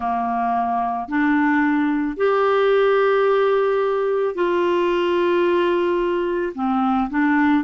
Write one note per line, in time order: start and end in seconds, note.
0.00 1.08 A#3
1.08 2.16 D4
2.16 4.34 G4
4.34 6.53 F4
6.55 7.09 C4
7.10 7.64 D4